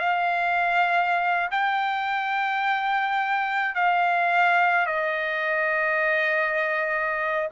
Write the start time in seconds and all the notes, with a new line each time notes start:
0.00 F5
1.51 G5
3.75 F5
4.86 D#5